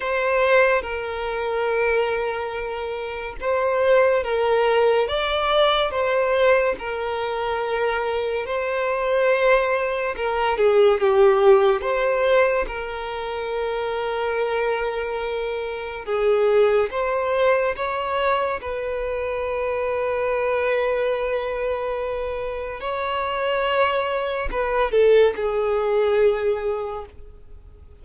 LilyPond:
\new Staff \with { instrumentName = "violin" } { \time 4/4 \tempo 4 = 71 c''4 ais'2. | c''4 ais'4 d''4 c''4 | ais'2 c''2 | ais'8 gis'8 g'4 c''4 ais'4~ |
ais'2. gis'4 | c''4 cis''4 b'2~ | b'2. cis''4~ | cis''4 b'8 a'8 gis'2 | }